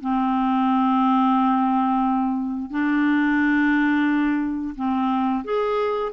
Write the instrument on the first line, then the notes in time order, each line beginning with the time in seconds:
clarinet
0.00 C4
2.70 D4
4.76 C4
5.44 G#4